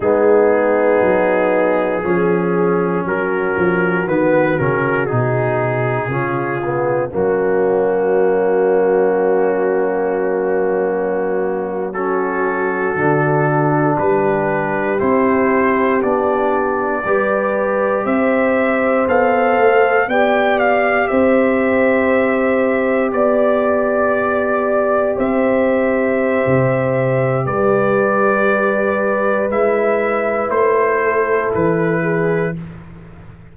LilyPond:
<<
  \new Staff \with { instrumentName = "trumpet" } { \time 4/4 \tempo 4 = 59 gis'2. ais'4 | b'8 ais'8 gis'2 fis'4~ | fis'2.~ fis'8. a'16~ | a'4.~ a'16 b'4 c''4 d''16~ |
d''4.~ d''16 e''4 f''4 g''16~ | g''16 f''8 e''2 d''4~ d''16~ | d''8. e''2~ e''16 d''4~ | d''4 e''4 c''4 b'4 | }
  \new Staff \with { instrumentName = "horn" } { \time 4/4 dis'2 gis'4 fis'4~ | fis'2 f'4 cis'4~ | cis'2.~ cis'8. fis'16~ | fis'4.~ fis'16 g'2~ g'16~ |
g'8. b'4 c''2 d''16~ | d''8. c''2 d''4~ d''16~ | d''8. c''2~ c''16 b'4~ | b'2~ b'8 a'4 gis'8 | }
  \new Staff \with { instrumentName = "trombone" } { \time 4/4 b2 cis'2 | b8 cis'8 dis'4 cis'8 b8 ais4~ | ais2.~ ais8. cis'16~ | cis'8. d'2 e'4 d'16~ |
d'8. g'2 a'4 g'16~ | g'1~ | g'1~ | g'4 e'2. | }
  \new Staff \with { instrumentName = "tuba" } { \time 4/4 gis4 fis4 f4 fis8 f8 | dis8 cis8 b,4 cis4 fis4~ | fis1~ | fis8. d4 g4 c'4 b16~ |
b8. g4 c'4 b8 a8 b16~ | b8. c'2 b4~ b16~ | b8. c'4~ c'16 c4 g4~ | g4 gis4 a4 e4 | }
>>